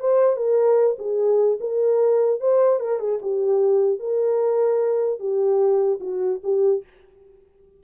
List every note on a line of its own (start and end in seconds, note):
0.00 0.37 C5
0.37 0.97 A#4
0.99 1.59 G#4
1.61 2.40 A#4
2.40 2.80 C5
2.80 3.00 A#4
3.00 3.20 G#4
3.22 3.99 G4
3.99 5.19 A#4
5.19 5.99 G4
6.00 6.40 F#4
6.43 6.83 G4